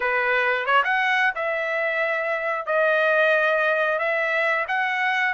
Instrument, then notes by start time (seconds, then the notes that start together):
trumpet
0.00 B4
0.66 C#5
0.83 F#5
1.35 E5
2.66 D#5
3.98 E5
4.68 F#5